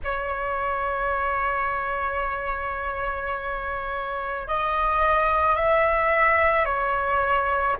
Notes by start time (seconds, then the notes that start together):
0.04 C#5
4.47 D#5
5.56 E5
6.65 C#5